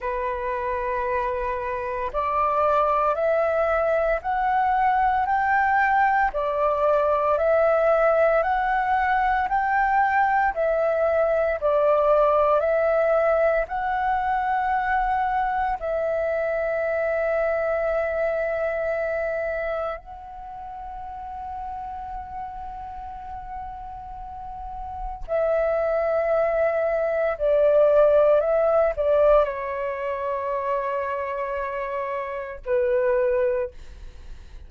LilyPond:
\new Staff \with { instrumentName = "flute" } { \time 4/4 \tempo 4 = 57 b'2 d''4 e''4 | fis''4 g''4 d''4 e''4 | fis''4 g''4 e''4 d''4 | e''4 fis''2 e''4~ |
e''2. fis''4~ | fis''1 | e''2 d''4 e''8 d''8 | cis''2. b'4 | }